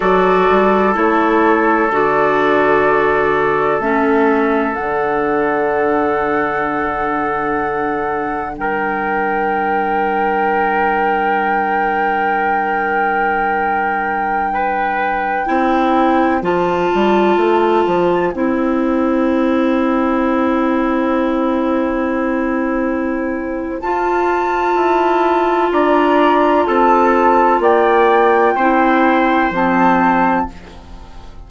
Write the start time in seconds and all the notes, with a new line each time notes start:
0.00 F#3 F#4 A4 D5
0.49 G3
0.93 A3 E4 C#5
1.90 D3 F#4 D5
3.79 A3 C#4 E5
4.74 D3 D4 F#5
8.57 G3 A#4 G5
14.53 B4
15.45 C4 E4 C5
16.41 F3 F4 A5
16.94 G3
17.36 A3
17.86 F3
18.33 C4 E4 G5
23.81 F4 A5
24.75 E4
25.71 D4 D5 A#5
26.66 C4 A4 A5
27.59 A#3 D5 G5
28.55 C4 E4 C5
29.50 F3 C4 A5